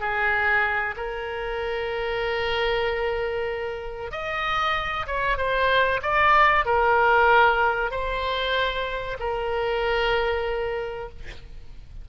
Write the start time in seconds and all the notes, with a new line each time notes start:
0.00 G#4
0.96 A#4
4.11 D#5
5.06 C#5
5.37 C5
6.02 D5
6.65 A#4
7.91 C5
9.19 A#4